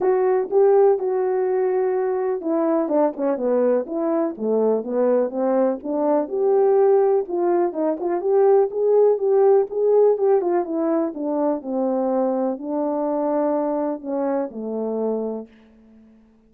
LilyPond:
\new Staff \with { instrumentName = "horn" } { \time 4/4 \tempo 4 = 124 fis'4 g'4 fis'2~ | fis'4 e'4 d'8 cis'8 b4 | e'4 a4 b4 c'4 | d'4 g'2 f'4 |
dis'8 f'8 g'4 gis'4 g'4 | gis'4 g'8 f'8 e'4 d'4 | c'2 d'2~ | d'4 cis'4 a2 | }